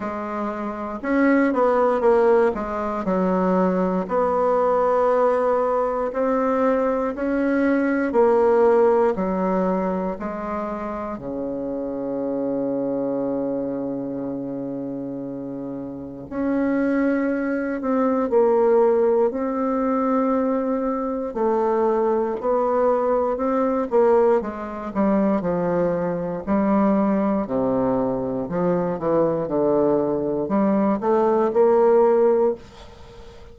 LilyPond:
\new Staff \with { instrumentName = "bassoon" } { \time 4/4 \tempo 4 = 59 gis4 cis'8 b8 ais8 gis8 fis4 | b2 c'4 cis'4 | ais4 fis4 gis4 cis4~ | cis1 |
cis'4. c'8 ais4 c'4~ | c'4 a4 b4 c'8 ais8 | gis8 g8 f4 g4 c4 | f8 e8 d4 g8 a8 ais4 | }